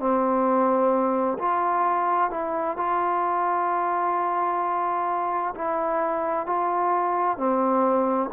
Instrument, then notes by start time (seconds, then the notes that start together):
trombone
0.00 C4
1.39 F4
2.31 E4
2.77 F4
5.55 E4
6.47 F4
7.38 C4